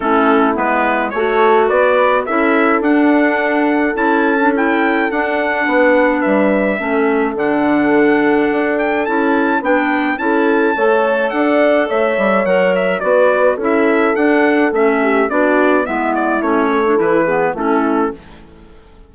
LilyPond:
<<
  \new Staff \with { instrumentName = "trumpet" } { \time 4/4 \tempo 4 = 106 a'4 b'4 cis''4 d''4 | e''4 fis''2 a''4 | g''4 fis''2 e''4~ | e''4 fis''2~ fis''8 g''8 |
a''4 g''4 a''2 | fis''4 e''4 fis''8 e''8 d''4 | e''4 fis''4 e''4 d''4 | e''8 d''8 cis''4 b'4 a'4 | }
  \new Staff \with { instrumentName = "horn" } { \time 4/4 e'2 a'4 b'4 | a'1~ | a'2 b'2 | a'1~ |
a'4 b'4 a'4 cis''4 | d''4 cis''2 b'4 | a'2~ a'8 g'8 fis'4 | e'4. a'4 gis'8 e'4 | }
  \new Staff \with { instrumentName = "clarinet" } { \time 4/4 cis'4 b4 fis'2 | e'4 d'2 e'8. d'16 | e'4 d'2. | cis'4 d'2. |
e'4 d'4 e'4 a'4~ | a'2 ais'4 fis'4 | e'4 d'4 cis'4 d'4 | b4 cis'8. d'16 e'8 b8 cis'4 | }
  \new Staff \with { instrumentName = "bassoon" } { \time 4/4 a4 gis4 a4 b4 | cis'4 d'2 cis'4~ | cis'4 d'4 b4 g4 | a4 d2 d'4 |
cis'4 b4 cis'4 a4 | d'4 a8 g8 fis4 b4 | cis'4 d'4 a4 b4 | gis4 a4 e4 a4 | }
>>